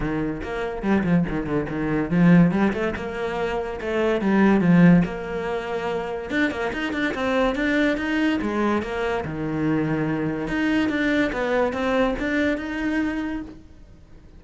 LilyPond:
\new Staff \with { instrumentName = "cello" } { \time 4/4 \tempo 4 = 143 dis4 ais4 g8 f8 dis8 d8 | dis4 f4 g8 a8 ais4~ | ais4 a4 g4 f4 | ais2. d'8 ais8 |
dis'8 d'8 c'4 d'4 dis'4 | gis4 ais4 dis2~ | dis4 dis'4 d'4 b4 | c'4 d'4 dis'2 | }